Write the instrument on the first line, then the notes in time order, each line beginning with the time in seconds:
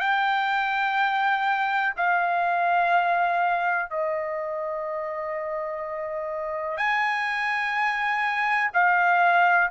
trumpet
0.00 G5
1.97 F5
3.90 D#5
6.77 G#5
8.74 F5